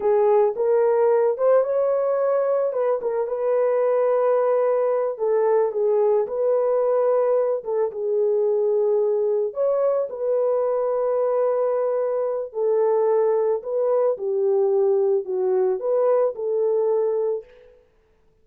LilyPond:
\new Staff \with { instrumentName = "horn" } { \time 4/4 \tempo 4 = 110 gis'4 ais'4. c''8 cis''4~ | cis''4 b'8 ais'8 b'2~ | b'4. a'4 gis'4 b'8~ | b'2 a'8 gis'4.~ |
gis'4. cis''4 b'4.~ | b'2. a'4~ | a'4 b'4 g'2 | fis'4 b'4 a'2 | }